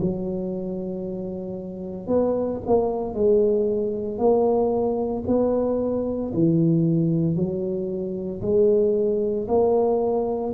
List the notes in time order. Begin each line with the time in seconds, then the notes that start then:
0.00 F#3
2.07 B3
2.67 A#3
3.14 G#3
4.18 A#3
5.27 B3
6.33 E3
7.35 F#3
8.41 G#3
9.47 A#3